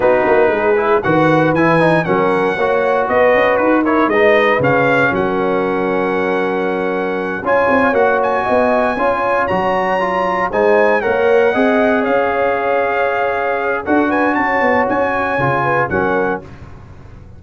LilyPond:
<<
  \new Staff \with { instrumentName = "trumpet" } { \time 4/4 \tempo 4 = 117 b'2 fis''4 gis''4 | fis''2 dis''4 b'8 cis''8 | dis''4 f''4 fis''2~ | fis''2~ fis''8 gis''4 fis''8 |
gis''2~ gis''8 ais''4.~ | ais''8 gis''4 fis''2 f''8~ | f''2. fis''8 gis''8 | a''4 gis''2 fis''4 | }
  \new Staff \with { instrumentName = "horn" } { \time 4/4 fis'4 gis'4 b'2 | ais'4 cis''4 b'4. ais'8 | b'2 ais'2~ | ais'2~ ais'8 cis''4.~ |
cis''8 dis''4 cis''2~ cis''8~ | cis''8 c''4 cis''4 dis''4 cis''8~ | cis''2. a'8 b'8 | cis''2~ cis''8 b'8 ais'4 | }
  \new Staff \with { instrumentName = "trombone" } { \time 4/4 dis'4. e'8 fis'4 e'8 dis'8 | cis'4 fis'2~ fis'8 e'8 | dis'4 cis'2.~ | cis'2~ cis'8 f'4 fis'8~ |
fis'4. f'4 fis'4 f'8~ | f'8 dis'4 ais'4 gis'4.~ | gis'2. fis'4~ | fis'2 f'4 cis'4 | }
  \new Staff \with { instrumentName = "tuba" } { \time 4/4 b8 ais8 gis4 dis4 e4 | fis4 ais4 b8 cis'8 dis'4 | gis4 cis4 fis2~ | fis2~ fis8 cis'8 c'8 ais8~ |
ais8 b4 cis'4 fis4.~ | fis8 gis4 ais4 c'4 cis'8~ | cis'2. d'4 | cis'8 b8 cis'4 cis4 fis4 | }
>>